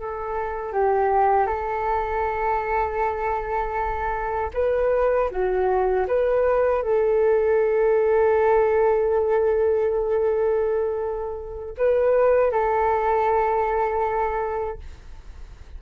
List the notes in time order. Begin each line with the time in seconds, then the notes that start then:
0.00 A4
0.73 G4
1.47 A4
4.54 B4
5.31 F#4
6.08 B4
6.83 A4
11.78 B4
12.52 A4